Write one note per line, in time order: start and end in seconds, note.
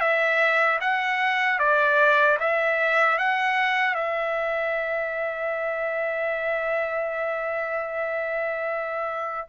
0.00 0.79 E5
0.80 1.59 F#5
1.59 2.38 D5
2.39 3.18 E5
3.18 3.94 F#5
3.94 9.47 E5